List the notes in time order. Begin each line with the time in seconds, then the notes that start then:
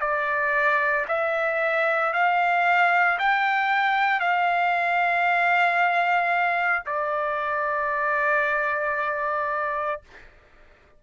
0.00 D5
1.08 E5
2.13 F5
3.19 G5
4.20 F5
6.86 D5